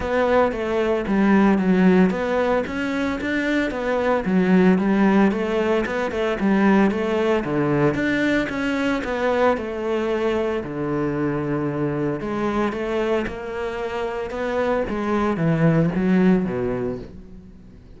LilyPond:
\new Staff \with { instrumentName = "cello" } { \time 4/4 \tempo 4 = 113 b4 a4 g4 fis4 | b4 cis'4 d'4 b4 | fis4 g4 a4 b8 a8 | g4 a4 d4 d'4 |
cis'4 b4 a2 | d2. gis4 | a4 ais2 b4 | gis4 e4 fis4 b,4 | }